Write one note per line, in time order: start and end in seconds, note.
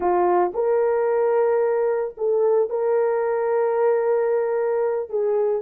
0.00 0.51 F4
0.54 2.15 A#4
2.17 2.69 A4
2.69 5.09 A#4
5.09 5.62 G#4